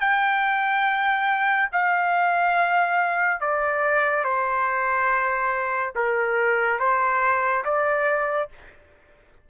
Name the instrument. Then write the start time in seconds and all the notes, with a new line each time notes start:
trumpet
0.00 G5
1.72 F5
3.40 D5
4.24 C5
5.95 A#4
6.79 C5
7.64 D5